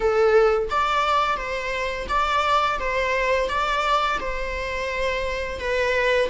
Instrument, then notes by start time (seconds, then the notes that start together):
viola
0.00 A4
0.70 D5
1.36 C5
2.09 D5
2.79 C5
3.49 D5
4.20 C5
5.59 B4